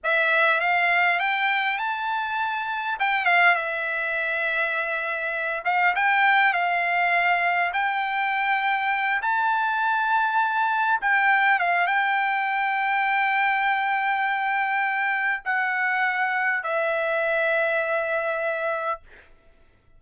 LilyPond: \new Staff \with { instrumentName = "trumpet" } { \time 4/4 \tempo 4 = 101 e''4 f''4 g''4 a''4~ | a''4 g''8 f''8 e''2~ | e''4. f''8 g''4 f''4~ | f''4 g''2~ g''8 a''8~ |
a''2~ a''8 g''4 f''8 | g''1~ | g''2 fis''2 | e''1 | }